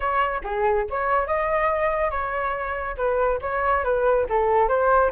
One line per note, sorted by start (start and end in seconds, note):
0.00 0.42 C#5
0.44 0.86 G#4
0.90 1.26 C#5
1.26 2.10 D#5
2.10 2.96 C#5
2.97 3.39 B4
3.41 3.84 C#5
3.84 4.26 B4
4.29 4.68 A4
4.68 5.11 C5